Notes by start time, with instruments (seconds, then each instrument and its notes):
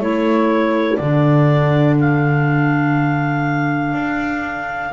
0.00 double bass A3, clarinet E4 C#5, saxophone A4
0.96 double bass D3, clarinet D4 D5
2.00 clarinet F5
3.94 double bass D4